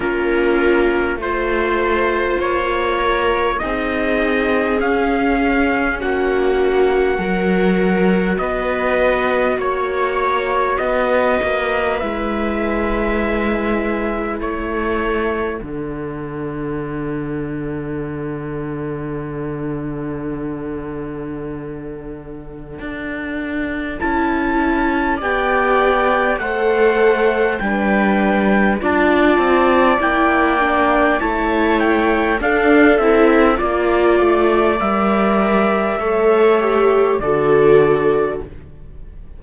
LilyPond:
<<
  \new Staff \with { instrumentName = "trumpet" } { \time 4/4 \tempo 4 = 50 ais'4 c''4 cis''4 dis''4 | f''4 fis''2 dis''4 | cis''4 dis''4 e''2 | cis''4 fis''2.~ |
fis''1 | a''4 g''4 fis''4 g''4 | a''4 g''4 a''8 g''8 f''8 e''8 | d''4 e''2 d''4 | }
  \new Staff \with { instrumentName = "viola" } { \time 4/4 f'4 c''4. ais'8 gis'4~ | gis'4 fis'4 ais'4 b'4 | cis''4 b'2. | a'1~ |
a'1~ | a'4 d''4 c''4 b'4 | d''2 cis''4 a'4 | d''2 cis''4 a'4 | }
  \new Staff \with { instrumentName = "viola" } { \time 4/4 cis'4 f'2 dis'4 | cis'2 fis'2~ | fis'2 e'2~ | e'4 d'2.~ |
d'1 | e'4 g'4 a'4 d'4 | f'4 e'8 d'8 e'4 d'8 e'8 | f'4 ais'4 a'8 g'8 fis'4 | }
  \new Staff \with { instrumentName = "cello" } { \time 4/4 ais4 a4 ais4 c'4 | cis'4 ais4 fis4 b4 | ais4 b8 ais8 gis2 | a4 d2.~ |
d2. d'4 | cis'4 b4 a4 g4 | d'8 c'8 ais4 a4 d'8 c'8 | ais8 a8 g4 a4 d4 | }
>>